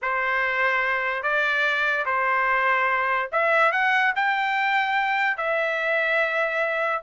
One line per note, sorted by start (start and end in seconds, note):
0.02 1.22 C5
1.22 2.05 D5
2.05 3.30 C5
3.32 3.72 E5
3.72 4.13 F#5
4.15 5.37 G5
5.37 7.02 E5